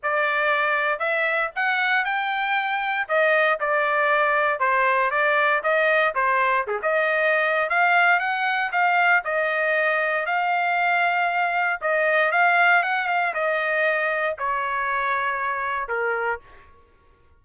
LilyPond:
\new Staff \with { instrumentName = "trumpet" } { \time 4/4 \tempo 4 = 117 d''2 e''4 fis''4 | g''2 dis''4 d''4~ | d''4 c''4 d''4 dis''4 | c''4 gis'16 dis''4.~ dis''16 f''4 |
fis''4 f''4 dis''2 | f''2. dis''4 | f''4 fis''8 f''8 dis''2 | cis''2. ais'4 | }